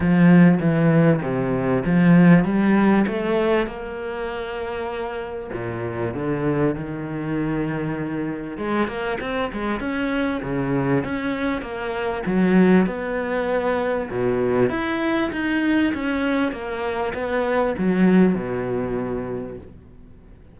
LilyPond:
\new Staff \with { instrumentName = "cello" } { \time 4/4 \tempo 4 = 98 f4 e4 c4 f4 | g4 a4 ais2~ | ais4 ais,4 d4 dis4~ | dis2 gis8 ais8 c'8 gis8 |
cis'4 cis4 cis'4 ais4 | fis4 b2 b,4 | e'4 dis'4 cis'4 ais4 | b4 fis4 b,2 | }